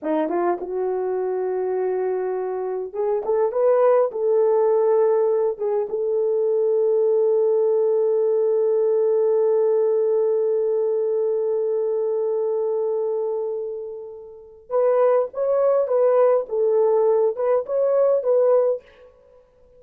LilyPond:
\new Staff \with { instrumentName = "horn" } { \time 4/4 \tempo 4 = 102 dis'8 f'8 fis'2.~ | fis'4 gis'8 a'8 b'4 a'4~ | a'4. gis'8 a'2~ | a'1~ |
a'1~ | a'1~ | a'4 b'4 cis''4 b'4 | a'4. b'8 cis''4 b'4 | }